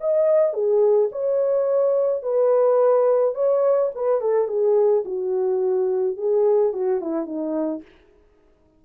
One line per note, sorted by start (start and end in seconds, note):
0.00 0.54 D#5
0.54 1.09 G#4
1.12 2.23 C#5
2.23 3.35 B4
3.35 3.91 C#5
3.95 4.21 B4
4.21 4.48 A4
4.48 5.04 G#4
5.05 6.17 F#4
6.17 6.73 G#4
6.73 7.01 F#4
7.01 7.26 E4
7.26 7.82 D#4